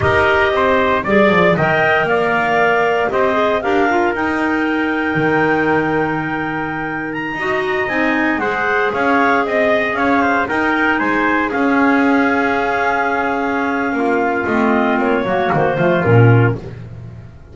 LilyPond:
<<
  \new Staff \with { instrumentName = "clarinet" } { \time 4/4 \tempo 4 = 116 dis''2 d''4 g''4 | f''2 dis''4 f''4 | g''1~ | g''4.~ g''16 ais''4. gis''8.~ |
gis''16 fis''4 f''4 dis''4 f''8.~ | f''16 g''4 gis''4 f''4.~ f''16~ | f''1 | dis''4 cis''4 c''4 ais'4 | }
  \new Staff \with { instrumentName = "trumpet" } { \time 4/4 ais'4 c''4 d''4 dis''4 | d''2 c''4 ais'4~ | ais'1~ | ais'2~ ais'16 dis''4.~ dis''16~ |
dis''16 c''4 cis''4 dis''4 cis''8 c''16~ | c''16 ais'4 c''4 gis'4.~ gis'16~ | gis'2. f'4~ | f'4. fis'4 f'4. | }
  \new Staff \with { instrumentName = "clarinet" } { \time 4/4 g'2 gis'4 ais'4~ | ais'2 g'8 gis'8 g'8 f'8 | dis'1~ | dis'2~ dis'16 fis'4 dis'8.~ |
dis'16 gis'2.~ gis'8.~ | gis'16 dis'2 cis'4.~ cis'16~ | cis'1 | c'4. ais4 a8 cis'4 | }
  \new Staff \with { instrumentName = "double bass" } { \time 4/4 dis'4 c'4 g8 f8 dis4 | ais2 c'4 d'4 | dis'2 dis2~ | dis2~ dis16 dis'4 c'8.~ |
c'16 gis4 cis'4 c'4 cis'8.~ | cis'16 dis'4 gis4 cis'4.~ cis'16~ | cis'2. ais4 | a4 ais8 fis8 dis8 f8 ais,4 | }
>>